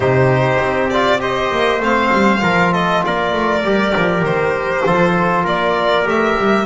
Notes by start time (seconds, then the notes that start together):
0.00 C3 D#4 G4 C5
0.60 C4
0.90 F4 D5
1.19 G4 C5 D#5
1.51 A#3
1.79 A3 C4 F5
2.12 G3
2.40 F3 F4 A#4
2.72 A4 D#5
3.05 A#3 A#4 D5
3.33 A3
3.63 G3 G4
3.96 F3
4.22 D#3 C5
4.84 F3 F4 A4
5.44 A#3 A#4 D5
6.04 A3 G4 E5
6.38 G3